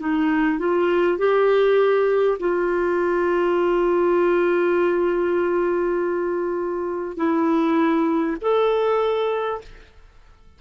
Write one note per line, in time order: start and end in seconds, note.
0.00 0.59 D#4
0.59 1.18 F4
1.18 2.38 G4
2.40 7.17 F4
7.17 8.37 E4
8.42 9.62 A4